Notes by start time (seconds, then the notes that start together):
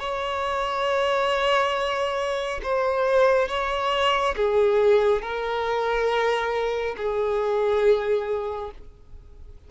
0.00 C#5
2.63 C5
3.49 C#5
4.37 G#4
5.22 A#4
6.98 G#4